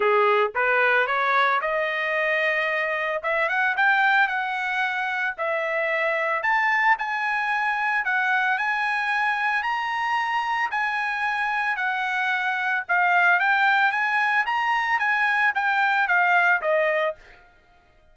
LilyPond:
\new Staff \with { instrumentName = "trumpet" } { \time 4/4 \tempo 4 = 112 gis'4 b'4 cis''4 dis''4~ | dis''2 e''8 fis''8 g''4 | fis''2 e''2 | a''4 gis''2 fis''4 |
gis''2 ais''2 | gis''2 fis''2 | f''4 g''4 gis''4 ais''4 | gis''4 g''4 f''4 dis''4 | }